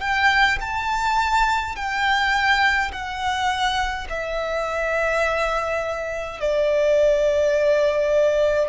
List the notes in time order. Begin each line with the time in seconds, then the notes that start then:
0.00 G5
0.60 A5
1.76 G5
2.92 F#5
4.09 E5
6.40 D5